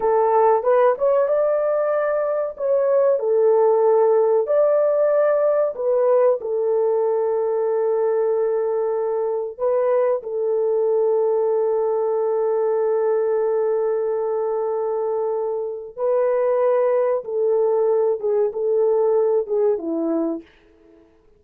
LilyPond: \new Staff \with { instrumentName = "horn" } { \time 4/4 \tempo 4 = 94 a'4 b'8 cis''8 d''2 | cis''4 a'2 d''4~ | d''4 b'4 a'2~ | a'2. b'4 |
a'1~ | a'1~ | a'4 b'2 a'4~ | a'8 gis'8 a'4. gis'8 e'4 | }